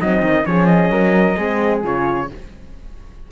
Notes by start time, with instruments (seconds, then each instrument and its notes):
0.00 cello F#3, horn C4, flute D#4, trumpet D#5
0.22 cello D#3
0.44 cello F3, horn C#4, flute G#4, trumpet C#5
0.65 trumpet D#5
0.90 cello F#3, flute A#4
1.37 cello G#3, horn C4, flute G#4
1.83 cello C#3, horn F4, trumpet C#5